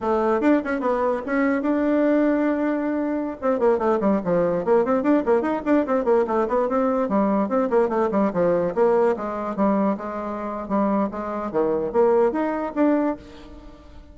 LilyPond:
\new Staff \with { instrumentName = "bassoon" } { \time 4/4 \tempo 4 = 146 a4 d'8 cis'8 b4 cis'4 | d'1~ | d'16 c'8 ais8 a8 g8 f4 ais8 c'16~ | c'16 d'8 ais8 dis'8 d'8 c'8 ais8 a8 b16~ |
b16 c'4 g4 c'8 ais8 a8 g16~ | g16 f4 ais4 gis4 g8.~ | g16 gis4.~ gis16 g4 gis4 | dis4 ais4 dis'4 d'4 | }